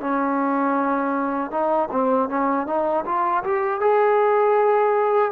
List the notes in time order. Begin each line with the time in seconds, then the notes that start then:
0.00 C#4
1.51 D#4
1.91 C4
2.29 C#4
2.67 D#4
3.06 F4
3.44 G4
3.80 G#4